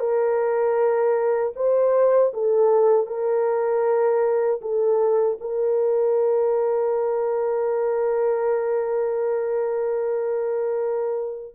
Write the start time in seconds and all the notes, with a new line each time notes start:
0.00 A#4
1.56 C5
2.34 A4
3.07 A#4
4.62 A4
5.41 A#4